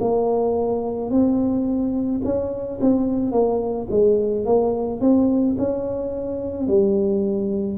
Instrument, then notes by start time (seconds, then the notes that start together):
tuba
0.00 A#3
1.10 C4
2.24 C#4
2.81 C4
3.32 A#3
3.90 G#3
4.45 A#3
5.01 C4
5.58 C#4
6.67 G3